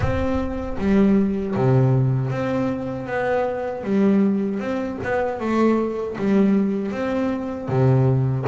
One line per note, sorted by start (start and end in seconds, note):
0.00 0.77 C4
0.78 1.55 G3
1.55 2.30 C3
2.30 3.06 C4
3.06 3.83 B3
3.83 4.59 G3
4.59 4.98 C4
5.03 5.40 B3
5.40 6.16 A3
6.18 6.91 G3
6.91 7.68 C4
7.68 8.45 C3